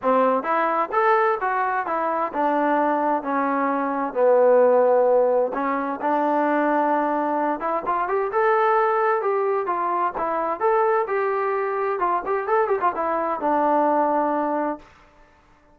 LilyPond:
\new Staff \with { instrumentName = "trombone" } { \time 4/4 \tempo 4 = 130 c'4 e'4 a'4 fis'4 | e'4 d'2 cis'4~ | cis'4 b2. | cis'4 d'2.~ |
d'8 e'8 f'8 g'8 a'2 | g'4 f'4 e'4 a'4 | g'2 f'8 g'8 a'8 g'16 f'16 | e'4 d'2. | }